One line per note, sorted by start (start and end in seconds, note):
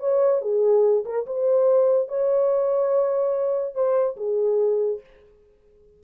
0.00 0.42 C#5
0.42 1.04 G#4
1.05 1.26 A#4
1.26 2.08 C5
2.08 3.75 C#5
3.75 4.16 C5
4.17 5.00 G#4